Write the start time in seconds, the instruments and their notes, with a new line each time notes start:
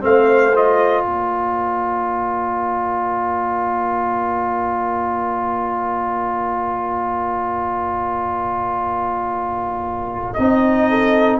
0.00 tuba A3, trombone C4, horn C5, trumpet F5
0.53 trombone F4, trumpet D#5
1.04 tuba A#3, horn A#4, trumpet D5
10.33 tuba C4, trombone D#4, trumpet D#5
10.89 horn A4